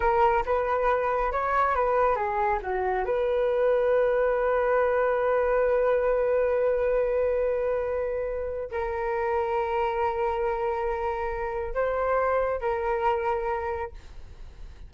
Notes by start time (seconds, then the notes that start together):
0.00 A#4
0.45 B4
1.32 C#5
1.75 B4
2.15 G#4
2.62 F#4
3.05 B4
8.71 A#4
11.74 C5
12.61 A#4